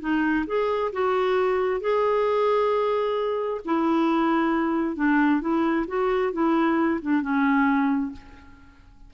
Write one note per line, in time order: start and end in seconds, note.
0.00 0.45 D#4
0.46 0.91 G#4
0.92 1.80 F#4
1.80 3.61 G#4
3.65 4.96 E4
4.96 5.41 D4
5.41 5.86 E4
5.87 6.32 F#4
6.32 7.00 E4
7.01 7.22 D4
7.22 8.12 C#4